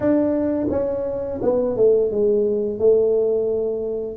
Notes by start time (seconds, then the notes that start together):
0.00 D4
0.69 C#4
1.42 B3
1.76 A3
2.11 G#3
2.78 A3